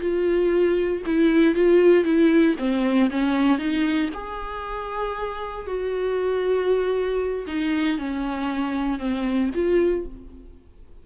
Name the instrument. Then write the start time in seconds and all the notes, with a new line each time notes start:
viola
0.00 F4
1.06 E4
1.55 F4
2.04 E4
2.58 C4
3.10 C#4
3.58 D#4
4.14 G#4
5.66 F#4
7.47 D#4
7.98 C#4
8.99 C4
9.55 F4